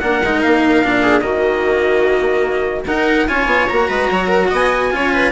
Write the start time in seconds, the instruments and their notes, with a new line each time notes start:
0.00 bassoon A#3, cello D4, viola A#4, trumpet F#5
0.24 bassoon G#3, cello D#4
0.43 bassoon A#3, trumpet F5
0.84 bassoon A#2, cello D4
1.03 viola G#4
1.21 bassoon D#3, cello A#3, viola F#4, trumpet D#5
2.87 bassoon D#4, cello D#4, viola A#4, trumpet F#5
3.28 bassoon C#4, cello F4, viola C#5, trumpet G#5
3.47 bassoon B3
3.69 bassoon A#3, cello F#4, trumpet A#5
3.89 bassoon G#3, viola B4
4.11 bassoon F#3, viola C#5
4.28 viola A#4
4.50 bassoon B3, viola D#5, trumpet G#5
4.92 bassoon C#4, cello F4, viola C#5
5.14 viola B4